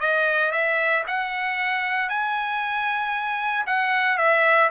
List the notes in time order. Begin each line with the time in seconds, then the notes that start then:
0.00 D#5
0.51 E5
1.07 F#5
2.09 G#5
3.66 F#5
4.18 E5